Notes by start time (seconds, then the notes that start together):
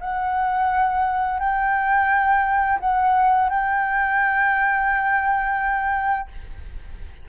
0.00 F#5
1.40 G5
2.80 F#5
3.49 G5